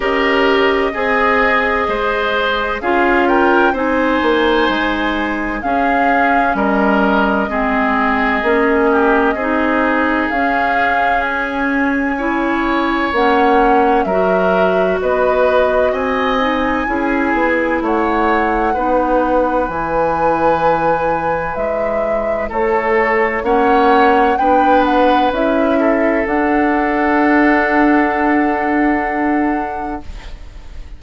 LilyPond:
<<
  \new Staff \with { instrumentName = "flute" } { \time 4/4 \tempo 4 = 64 dis''2. f''8 g''8 | gis''2 f''4 dis''4~ | dis''2. f''4 | gis''2 fis''4 e''4 |
dis''4 gis''2 fis''4~ | fis''4 gis''2 e''4 | cis''4 fis''4 g''8 fis''8 e''4 | fis''1 | }
  \new Staff \with { instrumentName = "oboe" } { \time 4/4 ais'4 gis'4 c''4 gis'8 ais'8 | c''2 gis'4 ais'4 | gis'4. g'8 gis'2~ | gis'4 cis''2 ais'4 |
b'4 dis''4 gis'4 cis''4 | b'1 | a'4 cis''4 b'4. a'8~ | a'1 | }
  \new Staff \with { instrumentName = "clarinet" } { \time 4/4 g'4 gis'2 f'4 | dis'2 cis'2 | c'4 cis'4 dis'4 cis'4~ | cis'4 e'4 cis'4 fis'4~ |
fis'4. dis'8 e'2 | dis'4 e'2.~ | e'4 cis'4 d'4 e'4 | d'1 | }
  \new Staff \with { instrumentName = "bassoon" } { \time 4/4 cis'4 c'4 gis4 cis'4 | c'8 ais8 gis4 cis'4 g4 | gis4 ais4 c'4 cis'4~ | cis'2 ais4 fis4 |
b4 c'4 cis'8 b8 a4 | b4 e2 gis4 | a4 ais4 b4 cis'4 | d'1 | }
>>